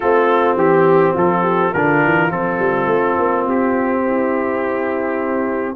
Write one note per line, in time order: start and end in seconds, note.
0.00 0.55 A3
0.00 1.75 C4
0.00 0.57 F4
0.00 0.57 A4
0.55 1.13 E3
0.55 1.13 G4
0.55 1.16 G4
1.13 1.73 F3
1.13 1.41 F4
1.13 1.73 A4
1.41 1.70 G4
1.72 2.03 D3
1.72 2.29 D4
1.72 4.03 F4
1.72 2.30 A#4
2.03 2.31 E3
2.29 2.58 F3
2.29 5.75 C4
2.29 3.46 A4
2.58 2.85 G3
2.85 3.14 A3
3.18 3.46 A#3
3.46 5.75 C4
3.46 5.75 G4
4.05 5.75 E4